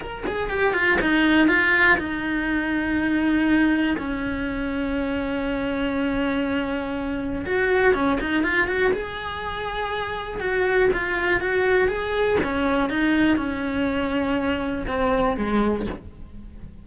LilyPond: \new Staff \with { instrumentName = "cello" } { \time 4/4 \tempo 4 = 121 ais'8 gis'8 g'8 f'8 dis'4 f'4 | dis'1 | cis'1~ | cis'2. fis'4 |
cis'8 dis'8 f'8 fis'8 gis'2~ | gis'4 fis'4 f'4 fis'4 | gis'4 cis'4 dis'4 cis'4~ | cis'2 c'4 gis4 | }